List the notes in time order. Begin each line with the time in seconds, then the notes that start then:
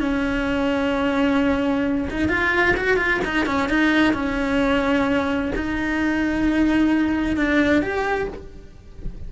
0.00 C#4
2.10 D#4
2.28 F4
2.76 F#4
2.97 F4
3.24 D#4
3.46 C#4
3.69 D#4
4.13 C#4
5.55 D#4
7.36 D4
7.82 G4